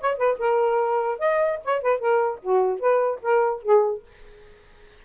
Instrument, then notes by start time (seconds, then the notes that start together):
saxophone
0.00 C#5
0.17 B4
0.38 A#4
1.19 D#5
1.64 C#5
1.82 B4
1.99 A#4
2.42 F#4
2.79 B4
3.22 A#4
3.62 G#4